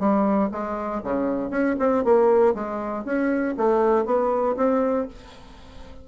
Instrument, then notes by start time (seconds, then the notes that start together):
bassoon
0.00 G3
0.52 G#3
1.04 C#3
1.51 C#4
1.80 C4
2.05 A#3
2.55 G#3
3.05 C#4
3.58 A3
4.06 B3
4.57 C4